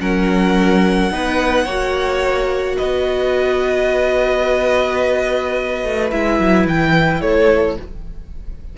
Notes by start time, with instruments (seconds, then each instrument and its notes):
0.00 cello F#3, viola C#4, violin A#4 F#5
1.11 cello B3, viola D#4, violin B4
1.64 cello A#3, viola F#4, violin C#5
2.77 cello B3, violin B4 D#5
5.84 cello A3
6.11 cello G#3, viola E4, violin E5
6.39 cello F#3
6.66 cello E3, violin G5
7.21 cello A3, violin A4 C#5